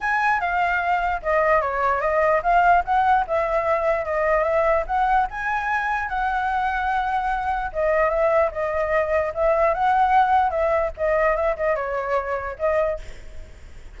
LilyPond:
\new Staff \with { instrumentName = "flute" } { \time 4/4 \tempo 4 = 148 gis''4 f''2 dis''4 | cis''4 dis''4 f''4 fis''4 | e''2 dis''4 e''4 | fis''4 gis''2 fis''4~ |
fis''2. dis''4 | e''4 dis''2 e''4 | fis''2 e''4 dis''4 | e''8 dis''8 cis''2 dis''4 | }